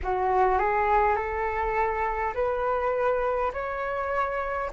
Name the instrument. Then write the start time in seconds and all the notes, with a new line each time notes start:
flute
0.03 F#4
0.58 G#4
1.16 A4
2.34 B4
3.53 C#5